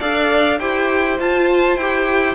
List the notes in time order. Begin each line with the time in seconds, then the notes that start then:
0.00 D4 A4 D5 F5
0.60 E4 G4 C5 G5
1.19 F4 A5
1.77 E4 G4 G5